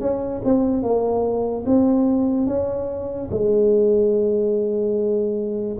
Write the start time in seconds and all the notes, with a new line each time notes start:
0.00 C#4
0.44 C4
0.83 A#3
1.66 C4
2.47 C#4
3.31 G#3